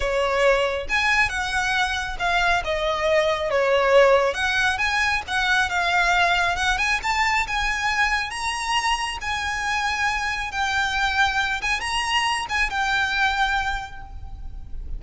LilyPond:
\new Staff \with { instrumentName = "violin" } { \time 4/4 \tempo 4 = 137 cis''2 gis''4 fis''4~ | fis''4 f''4 dis''2 | cis''2 fis''4 gis''4 | fis''4 f''2 fis''8 gis''8 |
a''4 gis''2 ais''4~ | ais''4 gis''2. | g''2~ g''8 gis''8 ais''4~ | ais''8 gis''8 g''2. | }